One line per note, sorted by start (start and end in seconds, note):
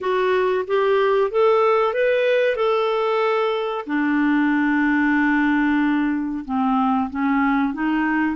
0.00 0.65 F#4
0.67 1.30 G4
1.30 1.93 A4
1.93 2.56 B4
2.56 3.85 A4
3.86 6.44 D4
6.45 7.09 C4
7.09 7.73 C#4
7.73 8.36 D#4